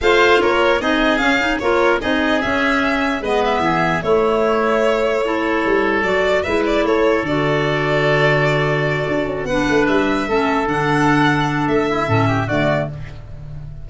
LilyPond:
<<
  \new Staff \with { instrumentName = "violin" } { \time 4/4 \tempo 4 = 149 f''4 cis''4 dis''4 f''4 | cis''4 dis''4 e''2 | dis''8 e''4. cis''2~ | cis''2. d''4 |
e''8 d''8 cis''4 d''2~ | d''2.~ d''8 fis''8~ | fis''8 e''2 fis''4.~ | fis''4 e''2 d''4 | }
  \new Staff \with { instrumentName = "oboe" } { \time 4/4 c''4 ais'4 gis'2 | ais'4 gis'2. | b'4 gis'4 e'2~ | e'4 a'2. |
b'4 a'2.~ | a'2.~ a'8 b'8~ | b'4. a'2~ a'8~ | a'4. e'8 a'8 g'8 fis'4 | }
  \new Staff \with { instrumentName = "clarinet" } { \time 4/4 f'2 dis'4 cis'8 dis'8 | f'4 dis'4 cis'2 | b2 a2~ | a4 e'2 fis'4 |
e'2 fis'2~ | fis'2.~ fis'8 d'8~ | d'4. cis'4 d'4.~ | d'2 cis'4 a4 | }
  \new Staff \with { instrumentName = "tuba" } { \time 4/4 a4 ais4 c'4 cis'4 | ais4 c'4 cis'2 | gis4 e4 a2~ | a2 g4 fis4 |
gis4 a4 d2~ | d2~ d8 d'8 cis'8 b8 | a8 g4 a4 d4.~ | d4 a4 a,4 d4 | }
>>